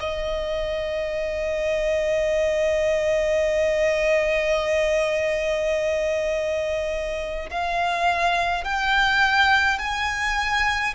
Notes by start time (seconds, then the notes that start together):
0.00 D#5
7.51 F5
8.65 G5
9.79 G#5